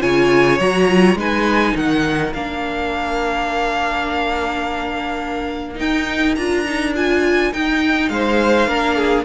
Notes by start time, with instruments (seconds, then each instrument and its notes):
0.00 cello C#3, viola F4, violin C#5 G#5
0.59 cello F#3, viola F#4, violin A#5
0.88 viola F4
1.15 cello G#3, viola D#4, violin B4 G#5
1.75 cello D#3, violin A#4 F#5
2.33 cello A#3, viola D4, violin F5
5.75 viola D#4, cello D#4, violin G5
6.35 cello D4, viola F4, violin A#5
6.66 viola D#4
6.95 viola F4, violin G#5
7.52 viola D#4, cello D#4, violin G5
8.09 cello G#3, violin C5 F5
8.67 cello A#3, viola D4, violin A#4
8.96 violin G#4